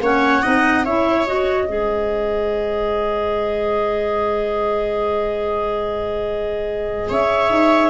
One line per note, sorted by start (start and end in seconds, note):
0.00 0.42 A#3
0.00 0.42 C#4
0.00 0.42 C#5
0.00 0.85 F#5
0.42 0.86 C4
0.42 0.84 D#4
0.42 0.84 D#5
0.84 1.68 C#4
0.84 1.26 E4
0.84 1.67 C#5
0.84 1.26 E5
1.26 1.68 F#4
1.26 7.10 D#5
1.67 7.10 G#3
1.67 7.90 G#4
1.67 7.08 C5
7.08 7.49 C#4
7.08 7.90 C#5
7.08 7.90 E5
7.49 7.90 D#4